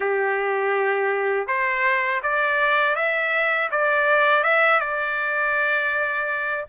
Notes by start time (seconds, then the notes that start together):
0.00 G4
1.47 C5
2.22 D5
2.95 E5
3.71 D5
4.43 E5
4.79 D5